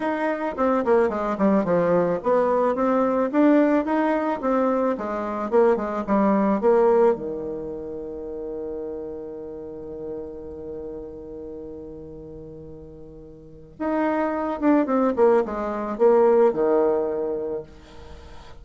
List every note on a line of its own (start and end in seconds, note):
0.00 0.55 D#4
0.57 0.84 C4
0.84 1.09 A#3
1.09 1.36 G#3
1.38 1.64 G3
1.64 2.19 F3
2.23 2.75 B3
2.75 3.30 C4
3.32 3.85 D4
3.85 4.40 D#4
4.41 4.96 C4
4.97 5.50 G#3
5.50 5.76 A#3
5.76 6.04 G#3
6.07 6.60 G3
6.60 7.15 A#3
7.15 13.75 D#3
13.79 14.60 D#4
14.60 14.86 D4
14.86 15.13 C4
15.16 15.43 A#3
15.45 15.98 G#3
15.98 16.53 A#3
16.53 17.63 D#3